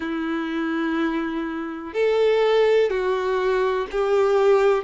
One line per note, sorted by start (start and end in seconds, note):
0.00 1.93 E4
1.94 2.89 A4
2.89 3.86 F#4
3.91 4.83 G4